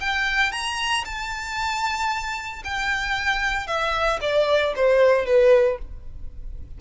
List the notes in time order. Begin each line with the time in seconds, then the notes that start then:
0.00 G5
0.51 A#5
1.04 A5
2.64 G5
3.67 E5
4.21 D5
4.75 C5
5.25 B4